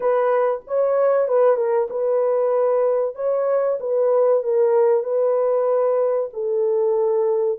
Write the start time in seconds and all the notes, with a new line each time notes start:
0.00 B4
0.67 C#5
1.28 B4
1.56 A#4
1.90 B4
3.15 C#5
3.80 B4
4.43 A#4
5.03 B4
6.33 A4